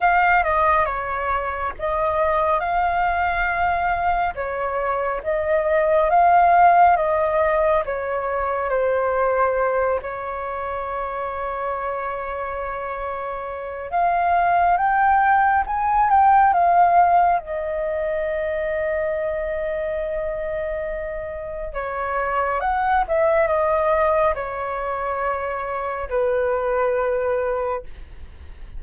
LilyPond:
\new Staff \with { instrumentName = "flute" } { \time 4/4 \tempo 4 = 69 f''8 dis''8 cis''4 dis''4 f''4~ | f''4 cis''4 dis''4 f''4 | dis''4 cis''4 c''4. cis''8~ | cis''1 |
f''4 g''4 gis''8 g''8 f''4 | dis''1~ | dis''4 cis''4 fis''8 e''8 dis''4 | cis''2 b'2 | }